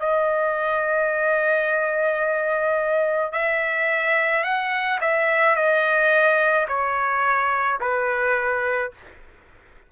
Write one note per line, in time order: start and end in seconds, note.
0.00 3.33 D#5
3.33 4.44 E5
4.44 4.99 F#5
5.01 5.56 E5
5.56 6.67 D#5
6.68 7.79 C#5
7.81 8.92 B4